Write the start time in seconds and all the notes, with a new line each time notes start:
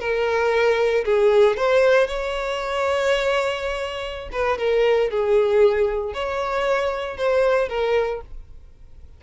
0.00 A#4
1.04 G#4
1.57 C5
2.07 C#5
4.32 B4
4.58 A#4
5.10 G#4
6.13 C#5
7.17 C5
7.69 A#4